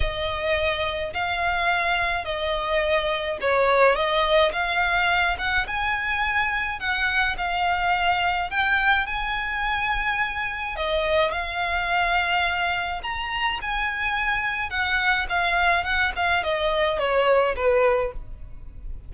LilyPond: \new Staff \with { instrumentName = "violin" } { \time 4/4 \tempo 4 = 106 dis''2 f''2 | dis''2 cis''4 dis''4 | f''4. fis''8 gis''2 | fis''4 f''2 g''4 |
gis''2. dis''4 | f''2. ais''4 | gis''2 fis''4 f''4 | fis''8 f''8 dis''4 cis''4 b'4 | }